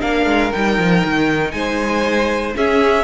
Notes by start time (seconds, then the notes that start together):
0.00 A#3 D4 A#4 F5
0.26 G#3
0.52 G3 D#4 G5
0.78 F3
1.04 D#3
1.51 G#3 C5 G#5
2.55 C#4 G#4 E5